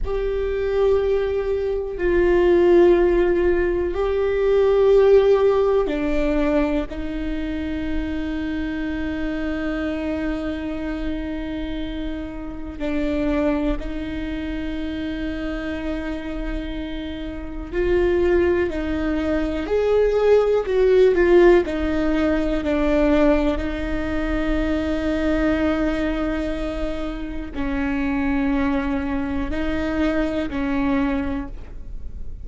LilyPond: \new Staff \with { instrumentName = "viola" } { \time 4/4 \tempo 4 = 61 g'2 f'2 | g'2 d'4 dis'4~ | dis'1~ | dis'4 d'4 dis'2~ |
dis'2 f'4 dis'4 | gis'4 fis'8 f'8 dis'4 d'4 | dis'1 | cis'2 dis'4 cis'4 | }